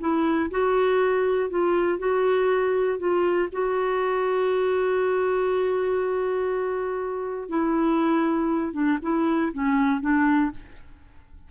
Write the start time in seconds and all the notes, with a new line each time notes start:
0.00 E4
0.50 F#4
1.50 F4
1.98 F#4
2.98 F4
3.52 F#4
7.49 E4
8.73 D4
9.02 E4
9.53 C#4
10.01 D4